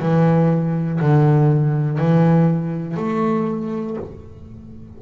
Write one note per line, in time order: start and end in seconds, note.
0.00 1.00 E3
1.00 1.98 D3
1.98 2.96 E3
2.96 3.96 A3